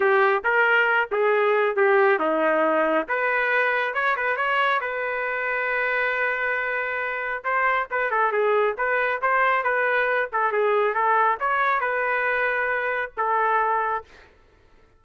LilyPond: \new Staff \with { instrumentName = "trumpet" } { \time 4/4 \tempo 4 = 137 g'4 ais'4. gis'4. | g'4 dis'2 b'4~ | b'4 cis''8 b'8 cis''4 b'4~ | b'1~ |
b'4 c''4 b'8 a'8 gis'4 | b'4 c''4 b'4. a'8 | gis'4 a'4 cis''4 b'4~ | b'2 a'2 | }